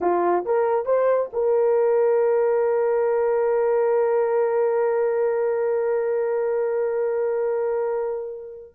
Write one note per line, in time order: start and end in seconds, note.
0.00 0.44 F4
0.45 0.85 A#4
0.85 1.29 C5
1.32 8.75 A#4